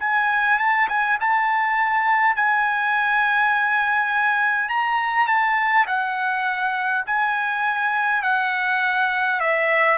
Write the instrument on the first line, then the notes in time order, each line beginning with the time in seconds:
trumpet
0.00 G#5
0.59 A5
0.89 G#5
1.20 A5
2.36 G#5
4.69 A#5
5.27 A5
5.87 F#5
7.06 G#5
8.23 F#5
9.41 E5